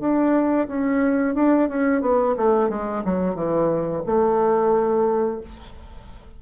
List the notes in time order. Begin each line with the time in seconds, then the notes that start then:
0.00 D4
0.68 C#4
1.35 D4
1.69 C#4
2.01 B3
2.37 A3
2.69 G#3
3.05 F#3
3.35 E3
4.06 A3